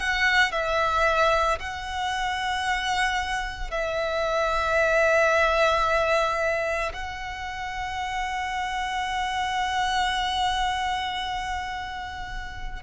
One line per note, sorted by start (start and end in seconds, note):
0.00 0.52 F#5
0.52 1.59 E5
1.60 3.71 F#5
3.71 6.93 E5
6.94 12.83 F#5